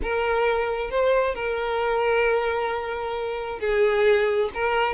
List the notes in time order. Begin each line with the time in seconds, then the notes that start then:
0.02 A#4
0.90 C5
1.34 A#4
3.59 G#4
4.53 A#4